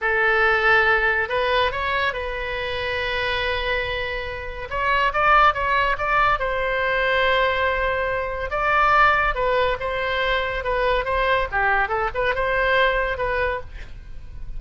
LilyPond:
\new Staff \with { instrumentName = "oboe" } { \time 4/4 \tempo 4 = 141 a'2. b'4 | cis''4 b'2.~ | b'2. cis''4 | d''4 cis''4 d''4 c''4~ |
c''1 | d''2 b'4 c''4~ | c''4 b'4 c''4 g'4 | a'8 b'8 c''2 b'4 | }